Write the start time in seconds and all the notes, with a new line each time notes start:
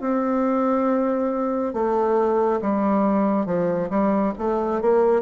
0.00 C4
1.73 A3
2.61 G3
3.45 F3
3.89 G3
4.38 A3
4.81 A#3